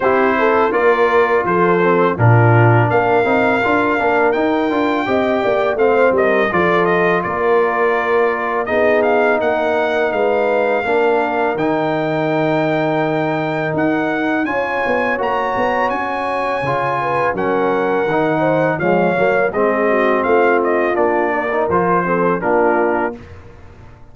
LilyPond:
<<
  \new Staff \with { instrumentName = "trumpet" } { \time 4/4 \tempo 4 = 83 c''4 d''4 c''4 ais'4 | f''2 g''2 | f''8 dis''8 d''8 dis''8 d''2 | dis''8 f''8 fis''4 f''2 |
g''2. fis''4 | gis''4 ais''4 gis''2 | fis''2 f''4 dis''4 | f''8 dis''8 d''4 c''4 ais'4 | }
  \new Staff \with { instrumentName = "horn" } { \time 4/4 g'8 a'8 ais'4 a'4 f'4 | ais'2. dis''8 d''8 | c''8 ais'8 a'4 ais'2 | gis'4 ais'4 b'4 ais'4~ |
ais'1 | cis''2.~ cis''8 b'8 | ais'4. c''8 cis''4 gis'8 fis'8 | f'4. ais'4 a'8 f'4 | }
  \new Staff \with { instrumentName = "trombone" } { \time 4/4 e'4 f'4. c'8 d'4~ | d'8 dis'8 f'8 d'8 dis'8 f'8 g'4 | c'4 f'2. | dis'2. d'4 |
dis'1 | f'4 fis'2 f'4 | cis'4 dis'4 gis8 ais8 c'4~ | c'4 d'8. dis'16 f'8 c'8 d'4 | }
  \new Staff \with { instrumentName = "tuba" } { \time 4/4 c'4 ais4 f4 ais,4 | ais8 c'8 d'8 ais8 dis'8 d'8 c'8 ais8 | a8 g8 f4 ais2 | b4 ais4 gis4 ais4 |
dis2. dis'4 | cis'8 b8 ais8 b8 cis'4 cis4 | fis4 dis4 f8 fis8 gis4 | a4 ais4 f4 ais4 | }
>>